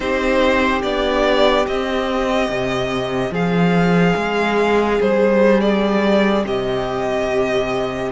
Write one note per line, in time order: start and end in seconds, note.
0.00 0.82 C4
0.00 0.81 D#4
0.00 3.31 G4
0.00 0.81 C5
0.82 1.66 B3
0.82 1.66 D4
0.82 1.65 D5
1.66 8.12 C4
1.66 2.49 C4
1.66 3.34 D#5
2.49 3.30 C3
3.30 4.13 F3
3.30 6.44 G#4
3.30 5.01 F5
4.15 4.99 G#3
5.00 6.44 G3
5.00 5.60 C5
5.60 6.44 D5
6.44 8.11 C3
6.44 8.12 G4
6.44 8.12 D#5